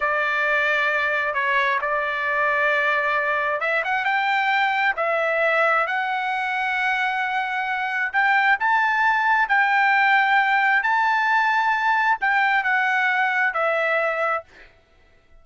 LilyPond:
\new Staff \with { instrumentName = "trumpet" } { \time 4/4 \tempo 4 = 133 d''2. cis''4 | d''1 | e''8 fis''8 g''2 e''4~ | e''4 fis''2.~ |
fis''2 g''4 a''4~ | a''4 g''2. | a''2. g''4 | fis''2 e''2 | }